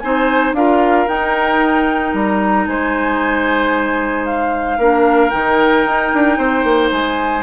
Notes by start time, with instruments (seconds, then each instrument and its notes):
0.00 bassoon C4, clarinet D#4, oboe C5, flute G#5
0.53 bassoon D4, clarinet F4, oboe A#4, flute F5
1.08 clarinet D#4, bassoon D#4, flute G5
2.14 bassoon G3, flute A#5
2.67 bassoon G#3, oboe C5, flute G#5
4.26 flute F5
4.78 bassoon A#3, clarinet D4, oboe A#4
5.30 bassoon D#3, clarinet D#4, flute G5
5.85 bassoon D#4
6.13 bassoon D4
6.38 bassoon C4, oboe C5
6.64 bassoon A#3
6.92 bassoon G#3, flute G#5